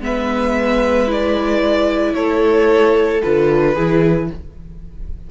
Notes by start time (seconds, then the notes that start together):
0.00 G#3 B3 B4 E5
1.08 E4 D5
2.14 A3 A4 C#5
3.22 D3 F4 B4
3.74 E3 E4 G#4